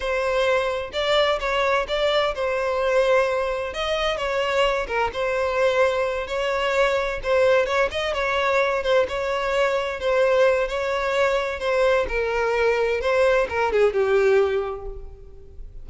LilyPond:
\new Staff \with { instrumentName = "violin" } { \time 4/4 \tempo 4 = 129 c''2 d''4 cis''4 | d''4 c''2. | dis''4 cis''4. ais'8 c''4~ | c''4. cis''2 c''8~ |
c''8 cis''8 dis''8 cis''4. c''8 cis''8~ | cis''4. c''4. cis''4~ | cis''4 c''4 ais'2 | c''4 ais'8 gis'8 g'2 | }